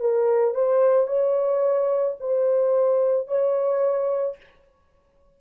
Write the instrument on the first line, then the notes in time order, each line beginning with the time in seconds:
horn
0.00 A#4
0.55 C5
1.07 C#5
2.20 C5
3.28 C#5